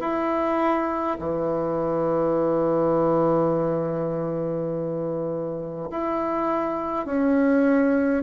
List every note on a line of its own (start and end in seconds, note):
0.00 1.18 E4
1.19 5.90 E3
5.91 7.06 E4
7.06 8.24 C#4